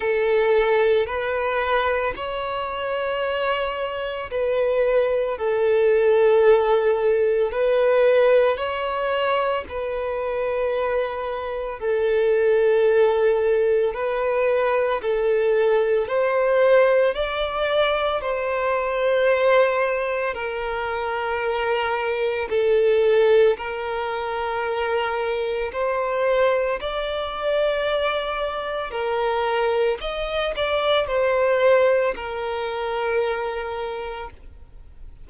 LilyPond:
\new Staff \with { instrumentName = "violin" } { \time 4/4 \tempo 4 = 56 a'4 b'4 cis''2 | b'4 a'2 b'4 | cis''4 b'2 a'4~ | a'4 b'4 a'4 c''4 |
d''4 c''2 ais'4~ | ais'4 a'4 ais'2 | c''4 d''2 ais'4 | dis''8 d''8 c''4 ais'2 | }